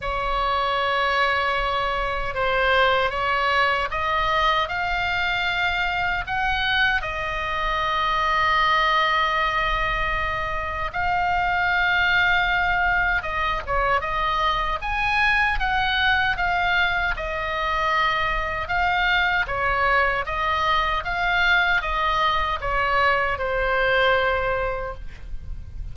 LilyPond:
\new Staff \with { instrumentName = "oboe" } { \time 4/4 \tempo 4 = 77 cis''2. c''4 | cis''4 dis''4 f''2 | fis''4 dis''2.~ | dis''2 f''2~ |
f''4 dis''8 cis''8 dis''4 gis''4 | fis''4 f''4 dis''2 | f''4 cis''4 dis''4 f''4 | dis''4 cis''4 c''2 | }